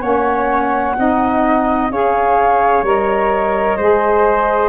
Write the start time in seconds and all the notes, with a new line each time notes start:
0.00 A#3 C#4 C#5 F#5
0.97 C4 D#4 D#5
1.89 C#4 G#4 C#5 F5
2.82 G3 A#4 D#5
3.77 G#3 G#4 C5